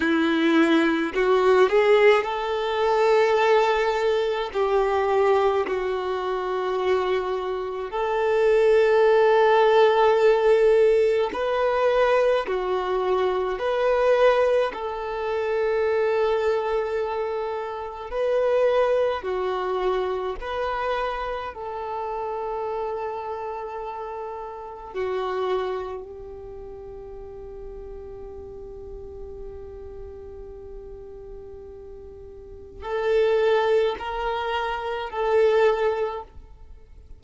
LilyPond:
\new Staff \with { instrumentName = "violin" } { \time 4/4 \tempo 4 = 53 e'4 fis'8 gis'8 a'2 | g'4 fis'2 a'4~ | a'2 b'4 fis'4 | b'4 a'2. |
b'4 fis'4 b'4 a'4~ | a'2 fis'4 g'4~ | g'1~ | g'4 a'4 ais'4 a'4 | }